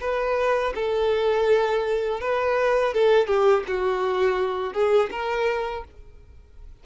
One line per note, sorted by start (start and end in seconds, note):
0.00 0.73 B4
0.75 2.21 A4
2.21 2.94 B4
2.94 3.27 A4
3.27 3.64 G4
3.67 4.73 F#4
4.73 5.10 G#4
5.11 5.84 A#4